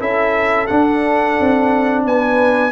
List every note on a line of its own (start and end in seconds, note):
0.00 0.69 C#4
0.00 0.68 E4
0.00 2.05 A4
0.00 0.67 E5
0.67 2.72 D4
0.67 1.39 D4
0.67 2.03 F#5
1.40 2.05 C4
2.05 2.72 B3
2.05 2.72 B4
2.05 2.72 G#5